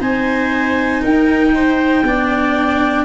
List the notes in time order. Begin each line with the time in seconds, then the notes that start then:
0.00 C4 D#4 C5 G#5
1.02 D#4 A#4 G5
1.55 C5
2.03 B3 D4 D5